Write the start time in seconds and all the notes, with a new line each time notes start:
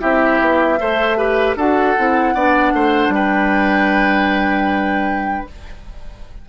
0.00 C4 E4 G4 E5
0.41 B3
0.79 A3 A4 C5
1.17 G4 B4
1.56 D4 F#4 A4 F#5
1.98 C4 E4
2.34 B3 D4 D5
2.73 A3 C5
3.09 G3 G5
3.15 B4